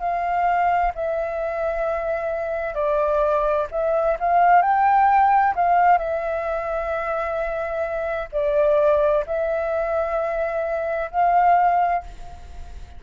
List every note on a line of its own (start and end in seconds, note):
0.00 0.92 F5
0.95 2.75 E5
2.75 3.67 D5
3.71 4.17 E5
4.20 4.62 F5
4.62 5.55 G5
5.55 5.98 F5
5.98 8.29 E5
8.32 9.25 D5
9.26 11.11 E5
11.11 12.03 F5